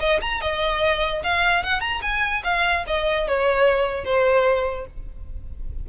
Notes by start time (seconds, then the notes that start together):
0.00 D#5
0.21 A#5
0.41 D#5
1.23 F5
1.63 F#5
1.81 A#5
2.02 G#5
2.44 F5
2.87 D#5
3.28 C#5
4.05 C5